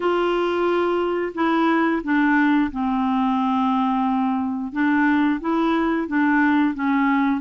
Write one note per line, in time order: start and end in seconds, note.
0.00 1.33 F4
1.34 2.02 E4
2.03 2.71 D4
2.71 4.72 C4
4.72 5.39 D4
5.40 6.07 E4
6.07 6.74 D4
6.74 7.40 C#4